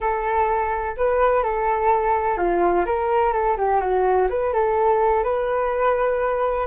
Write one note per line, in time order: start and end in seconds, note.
0.00 0.95 A4
0.96 1.43 B4
1.43 2.37 A4
2.37 2.85 F4
2.85 3.32 A#4
3.32 3.56 A4
3.57 3.80 G4
3.80 4.27 F#4
4.29 4.53 B4
4.53 5.23 A4
5.23 6.66 B4